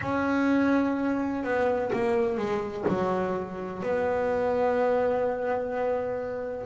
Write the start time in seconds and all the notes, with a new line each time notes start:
0.01 C#4
1.43 B3
1.93 A#3
2.37 G#3
2.87 F#3
3.82 B3